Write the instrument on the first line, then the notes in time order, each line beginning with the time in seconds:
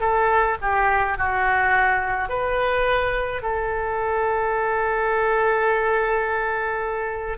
oboe
0.00 A4
0.61 G4
1.18 F#4
2.29 B4
3.42 A4